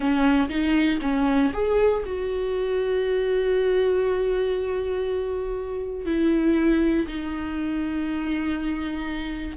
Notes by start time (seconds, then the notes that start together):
0.00 C#4
0.49 D#4
1.01 C#4
1.53 G#4
2.05 F#4
6.05 E4
7.07 D#4